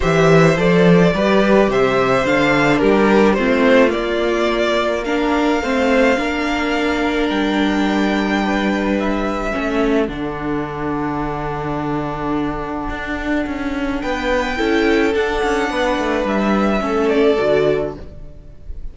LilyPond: <<
  \new Staff \with { instrumentName = "violin" } { \time 4/4 \tempo 4 = 107 e''4 d''2 e''4 | f''4 ais'4 c''4 d''4~ | d''4 f''2.~ | f''4 g''2. |
e''2 fis''2~ | fis''1~ | fis''4 g''2 fis''4~ | fis''4 e''4. d''4. | }
  \new Staff \with { instrumentName = "violin" } { \time 4/4 c''2 b'4 c''4~ | c''4 g'4 f'2~ | f'4 ais'4 c''4 ais'4~ | ais'2. b'4~ |
b'4 a'2.~ | a'1~ | a'4 b'4 a'2 | b'2 a'2 | }
  \new Staff \with { instrumentName = "viola" } { \time 4/4 g'4 a'4 g'2 | d'2 c'4 ais4~ | ais4 d'4 c'4 d'4~ | d'1~ |
d'4 cis'4 d'2~ | d'1~ | d'2 e'4 d'4~ | d'2 cis'4 fis'4 | }
  \new Staff \with { instrumentName = "cello" } { \time 4/4 e4 f4 g4 c4 | d4 g4 a4 ais4~ | ais2 a4 ais4~ | ais4 g2.~ |
g4 a4 d2~ | d2. d'4 | cis'4 b4 cis'4 d'8 cis'8 | b8 a8 g4 a4 d4 | }
>>